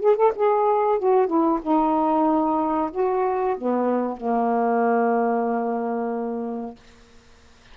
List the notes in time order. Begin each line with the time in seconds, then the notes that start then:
0.00 G#4
0.16 A4
0.35 G#4
0.99 F#4
1.27 E4
1.62 D#4
2.91 F#4
3.57 B3
4.17 A#3